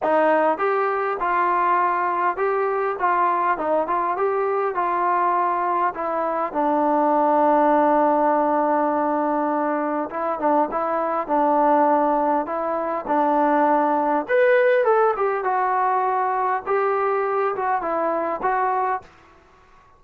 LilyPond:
\new Staff \with { instrumentName = "trombone" } { \time 4/4 \tempo 4 = 101 dis'4 g'4 f'2 | g'4 f'4 dis'8 f'8 g'4 | f'2 e'4 d'4~ | d'1~ |
d'4 e'8 d'8 e'4 d'4~ | d'4 e'4 d'2 | b'4 a'8 g'8 fis'2 | g'4. fis'8 e'4 fis'4 | }